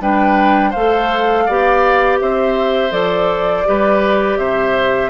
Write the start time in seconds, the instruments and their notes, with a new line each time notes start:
0.00 bassoon G3, clarinet D4, oboe B4, flute G5
0.70 bassoon A3, clarinet A4, oboe C5, flute F5
1.46 bassoon B3, clarinet G4, oboe D5
2.19 bassoon C4, oboe C5, flute E5
2.90 bassoon F3, clarinet A4, flute D5
3.65 bassoon G3, clarinet G4, oboe B4
4.37 bassoon C3, oboe C5, flute E5